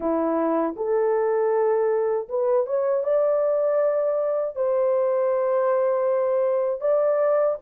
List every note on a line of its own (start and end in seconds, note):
0.00 0.75 E4
0.76 2.28 A4
2.29 2.66 B4
2.66 3.03 C#5
3.03 4.55 D5
4.55 6.80 C5
6.80 7.56 D5